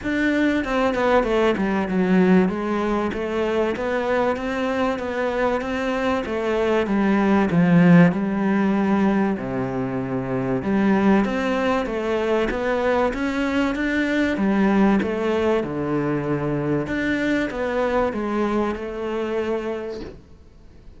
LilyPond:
\new Staff \with { instrumentName = "cello" } { \time 4/4 \tempo 4 = 96 d'4 c'8 b8 a8 g8 fis4 | gis4 a4 b4 c'4 | b4 c'4 a4 g4 | f4 g2 c4~ |
c4 g4 c'4 a4 | b4 cis'4 d'4 g4 | a4 d2 d'4 | b4 gis4 a2 | }